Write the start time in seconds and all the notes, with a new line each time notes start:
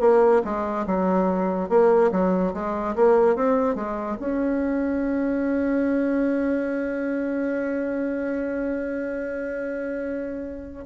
0.00 A#3
0.44 G#3
0.86 F#3
1.69 A#3
2.11 F#3
2.53 G#3
2.95 A#3
3.35 C4
3.75 G#3
4.20 C#4